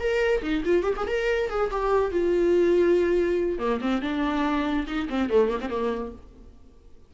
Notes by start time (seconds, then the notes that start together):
0.00 A#4
0.42 D#4
0.65 F4
0.84 G4
0.97 G#4
1.08 A#4
1.50 G#4
1.71 G4
2.12 F4
3.59 A#3
3.81 C4
4.02 D4
4.87 D#4
5.10 C4
5.30 A3
5.49 A#3
5.61 C4
5.70 A#3